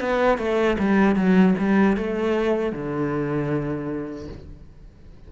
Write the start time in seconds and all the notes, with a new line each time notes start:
0.00 B3
0.38 A3
0.79 G3
1.15 F#3
1.59 G3
1.97 A3
2.72 D3